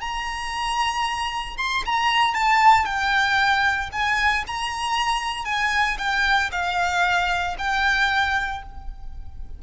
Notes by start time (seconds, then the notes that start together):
0.00 A#5
1.57 C6
1.85 A#5
2.34 A5
2.85 G5
3.92 G#5
4.47 A#5
5.45 G#5
5.98 G5
6.52 F5
7.58 G5